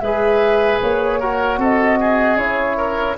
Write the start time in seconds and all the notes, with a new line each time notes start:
0.00 G#3 G#4 B4 E5
0.81 A#3 C#5
1.20 F#4 A#4
1.58 C4 A4 D#5
2.00 G#4
2.36 C#4 E4 C#5
2.77 A#4